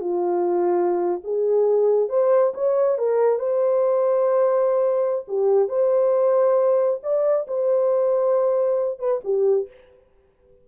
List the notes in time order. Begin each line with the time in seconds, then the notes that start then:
0.00 F4
1.23 G#4
2.09 C5
2.54 C#5
2.98 A#4
3.39 C5
5.28 G4
5.68 C5
7.03 D5
7.47 C5
8.99 B4
9.24 G4